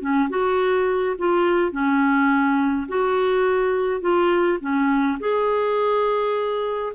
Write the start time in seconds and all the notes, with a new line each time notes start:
0.00 C#4
0.29 F#4
1.18 F4
1.72 C#4
2.88 F#4
4.01 F4
4.60 C#4
5.20 G#4